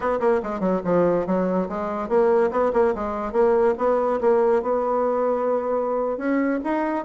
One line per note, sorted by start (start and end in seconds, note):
0.00 0.19 B3
0.20 0.41 A#3
0.43 0.60 G#3
0.60 0.81 F#3
0.84 1.26 F3
1.26 1.68 F#3
1.69 2.08 G#3
2.08 2.50 A#3
2.51 2.72 B3
2.73 2.94 A#3
2.94 3.32 G#3
3.32 3.74 A#3
3.78 4.20 B3
4.21 4.62 A#3
4.62 6.17 B3
6.17 6.59 C#4
6.64 7.05 D#4